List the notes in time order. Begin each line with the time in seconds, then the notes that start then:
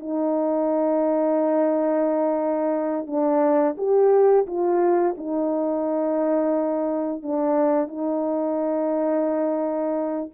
0.00 D#4
3.07 D4
3.77 G4
4.46 F4
5.17 D#4
7.23 D4
7.88 D#4